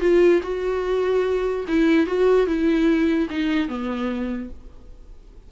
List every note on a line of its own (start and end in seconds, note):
0.00 0.41 F4
0.43 1.65 F#4
1.68 2.06 E4
2.06 2.46 F#4
2.46 3.28 E4
3.30 3.68 D#4
3.68 4.50 B3